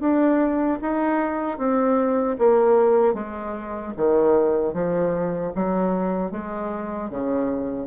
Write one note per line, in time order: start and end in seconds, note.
0.00 0.79 D4
0.82 1.58 D#4
1.58 2.37 C4
2.39 3.14 A#3
3.14 3.93 G#3
3.97 4.74 D#3
4.74 5.53 F3
5.55 6.32 F#3
6.32 7.10 G#3
7.10 7.87 C#3